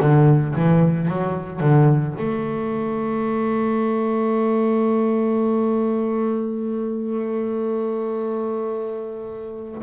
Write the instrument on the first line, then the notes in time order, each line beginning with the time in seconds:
double bass
0.00 D3
0.55 E3
1.08 F#3
1.60 D3
2.18 A3